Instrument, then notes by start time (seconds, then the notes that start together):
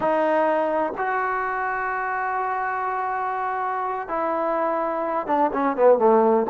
trombone
0.00 D#4
0.97 F#4
4.08 E4
5.26 D4
5.53 C#4
5.76 B3
5.98 A3